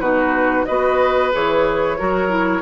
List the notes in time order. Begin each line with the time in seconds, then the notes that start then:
0.00 B2 D#4 F#4 B4
0.65 B3 F#4 B4 D#5
1.32 E3 G#4 C#5
1.98 F#3 F#4 A#4
2.29 E4